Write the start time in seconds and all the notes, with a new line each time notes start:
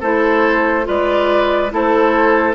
0.00 A3 E4 A4 C5
0.83 G#3 F4 B4 D5
1.70 A3 E4 A4 C5